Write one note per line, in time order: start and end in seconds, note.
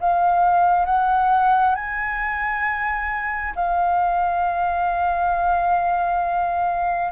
0.00 0.85 F5
0.85 1.75 F#5
1.75 3.54 G#5
3.55 7.12 F5